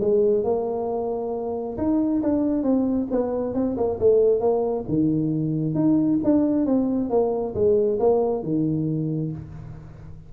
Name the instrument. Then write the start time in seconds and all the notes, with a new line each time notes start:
tuba
0.00 G#3
0.43 A#3
1.77 D#4
2.22 D4
2.63 C4
3.11 B3
3.54 C4
3.77 A#3
3.99 A3
4.40 A#3
4.88 D#3
5.75 D#4
6.23 D4
6.66 C4
7.10 A#3
7.54 G#3
7.99 A#3
8.43 D#3